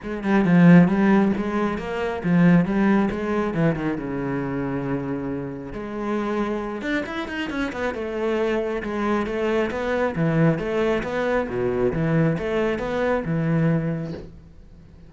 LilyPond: \new Staff \with { instrumentName = "cello" } { \time 4/4 \tempo 4 = 136 gis8 g8 f4 g4 gis4 | ais4 f4 g4 gis4 | e8 dis8 cis2.~ | cis4 gis2~ gis8 d'8 |
e'8 dis'8 cis'8 b8 a2 | gis4 a4 b4 e4 | a4 b4 b,4 e4 | a4 b4 e2 | }